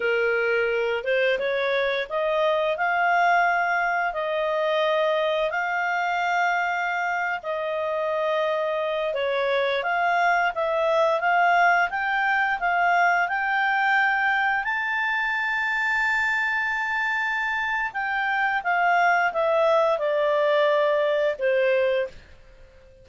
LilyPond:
\new Staff \with { instrumentName = "clarinet" } { \time 4/4 \tempo 4 = 87 ais'4. c''8 cis''4 dis''4 | f''2 dis''2 | f''2~ f''8. dis''4~ dis''16~ | dis''4~ dis''16 cis''4 f''4 e''8.~ |
e''16 f''4 g''4 f''4 g''8.~ | g''4~ g''16 a''2~ a''8.~ | a''2 g''4 f''4 | e''4 d''2 c''4 | }